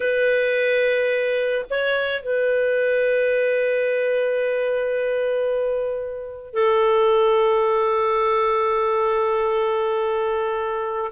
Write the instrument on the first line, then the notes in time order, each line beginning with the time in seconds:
clarinet
0.00 B4
1.69 C#5
2.22 B4
6.53 A4